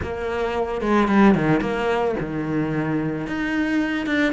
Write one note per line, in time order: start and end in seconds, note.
0.02 0.81 A#3
0.81 1.08 G#3
1.08 1.35 G3
1.35 1.61 D#3
1.61 2.15 A#3
2.20 3.26 D#3
3.26 4.06 D#4
4.06 4.32 D4